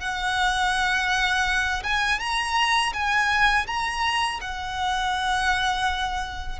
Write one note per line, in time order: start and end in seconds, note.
0.00 1.83 F#5
1.83 2.20 G#5
2.20 2.93 A#5
2.93 3.67 G#5
3.67 4.40 A#5
4.41 6.60 F#5